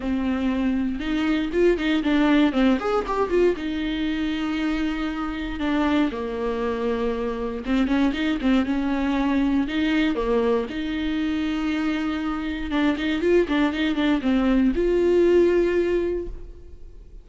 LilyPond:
\new Staff \with { instrumentName = "viola" } { \time 4/4 \tempo 4 = 118 c'2 dis'4 f'8 dis'8 | d'4 c'8 gis'8 g'8 f'8 dis'4~ | dis'2. d'4 | ais2. c'8 cis'8 |
dis'8 c'8 cis'2 dis'4 | ais4 dis'2.~ | dis'4 d'8 dis'8 f'8 d'8 dis'8 d'8 | c'4 f'2. | }